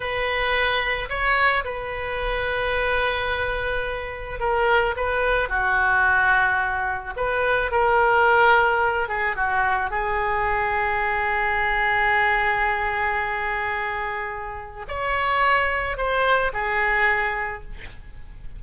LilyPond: \new Staff \with { instrumentName = "oboe" } { \time 4/4 \tempo 4 = 109 b'2 cis''4 b'4~ | b'1 | ais'4 b'4 fis'2~ | fis'4 b'4 ais'2~ |
ais'8 gis'8 fis'4 gis'2~ | gis'1~ | gis'2. cis''4~ | cis''4 c''4 gis'2 | }